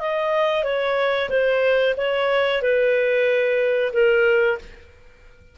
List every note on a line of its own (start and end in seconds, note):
0.00 0.64 D#5
0.64 1.29 C#5
1.30 1.95 C5
1.97 2.62 C#5
2.62 3.92 B4
3.93 4.58 A#4